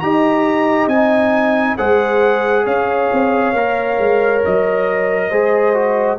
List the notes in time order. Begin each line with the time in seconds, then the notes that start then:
0.00 D#4 G4 D#5 A#5
0.87 C4 D#4 G#5
1.77 G#3 G#4 C5 F#5
2.65 C#4 C#5 F5
3.13 C4
3.53 A#3 A#4
3.99 G#3
4.45 F#3 D#5
5.30 G#3 G#4 C5
5.74 F#4